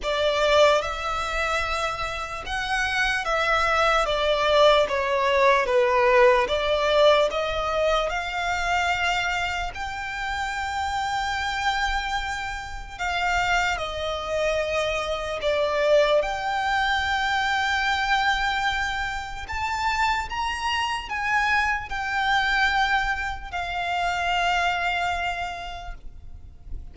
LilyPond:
\new Staff \with { instrumentName = "violin" } { \time 4/4 \tempo 4 = 74 d''4 e''2 fis''4 | e''4 d''4 cis''4 b'4 | d''4 dis''4 f''2 | g''1 |
f''4 dis''2 d''4 | g''1 | a''4 ais''4 gis''4 g''4~ | g''4 f''2. | }